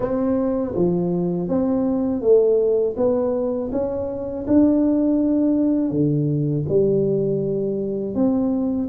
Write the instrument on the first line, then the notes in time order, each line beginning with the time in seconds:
tuba
0.00 C4
0.75 F3
1.48 C4
2.21 A3
2.96 B3
3.71 C#4
4.47 D4
5.91 D3
6.69 G3
8.14 C4